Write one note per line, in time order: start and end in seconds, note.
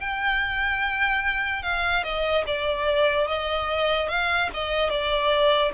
0.00 1.63 G5
1.63 2.03 F5
2.03 2.44 D#5
2.46 3.27 D5
3.27 4.08 D#5
4.08 4.49 F5
4.54 4.89 D#5
4.89 5.72 D5